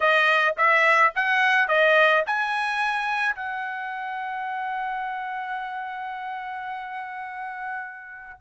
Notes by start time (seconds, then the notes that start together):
0.00 D#5
0.57 E5
1.15 F#5
1.68 D#5
2.26 G#5
3.35 F#5